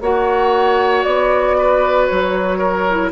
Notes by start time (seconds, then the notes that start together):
0.00 A#3 F#4 C#5 F#5
1.03 B3 D5
1.58 B4
2.06 F#3 C#5
2.58 A#4
2.90 E4